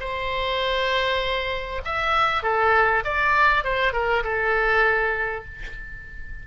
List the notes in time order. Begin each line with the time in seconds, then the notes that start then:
0.00 C5
1.85 E5
2.43 A4
3.05 D5
3.64 C5
3.93 A#4
4.24 A4